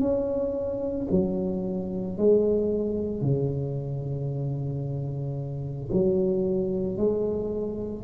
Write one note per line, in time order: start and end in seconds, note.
0.00 1.07 C#4
1.11 2.18 F#3
2.18 3.22 G#3
3.22 5.90 C#3
5.93 6.97 F#3
6.97 8.05 G#3